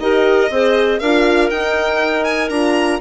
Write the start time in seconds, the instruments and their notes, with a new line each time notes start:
0.00 bassoon D#4, horn G4, clarinet A#4, violin D#5
0.51 bassoon C4, horn G#4, clarinet C5
1.00 bassoon D4, horn F4, clarinet A#4, violin F5
1.51 bassoon D#4, horn D#4, violin G5
2.24 violin G#5
2.50 bassoon D4, horn F4, violin A#5